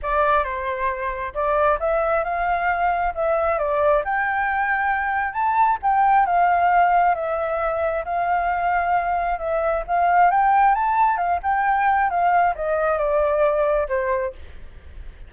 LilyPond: \new Staff \with { instrumentName = "flute" } { \time 4/4 \tempo 4 = 134 d''4 c''2 d''4 | e''4 f''2 e''4 | d''4 g''2. | a''4 g''4 f''2 |
e''2 f''2~ | f''4 e''4 f''4 g''4 | a''4 f''8 g''4. f''4 | dis''4 d''2 c''4 | }